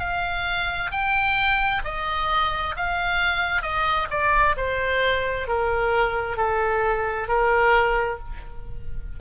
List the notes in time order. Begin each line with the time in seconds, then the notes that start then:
0.00 F5
0.91 G5
1.85 D#5
2.77 F5
3.62 D#5
4.11 D5
4.57 C5
5.48 A#4
6.37 A4
7.28 A#4